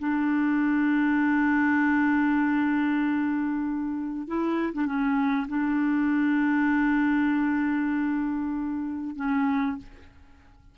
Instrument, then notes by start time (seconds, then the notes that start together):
clarinet
0.00 D4
4.28 E4
4.74 D4
4.86 C#4
5.49 D4
9.16 C#4